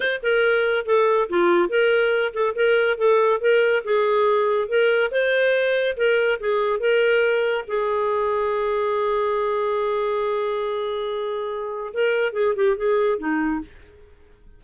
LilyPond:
\new Staff \with { instrumentName = "clarinet" } { \time 4/4 \tempo 4 = 141 c''8 ais'4. a'4 f'4 | ais'4. a'8 ais'4 a'4 | ais'4 gis'2 ais'4 | c''2 ais'4 gis'4 |
ais'2 gis'2~ | gis'1~ | gis'1 | ais'4 gis'8 g'8 gis'4 dis'4 | }